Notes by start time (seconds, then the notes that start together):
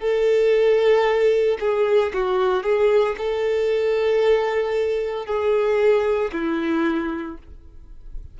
0.00 A4
1.60 G#4
2.13 F#4
2.63 G#4
3.18 A4
5.26 G#4
6.33 E4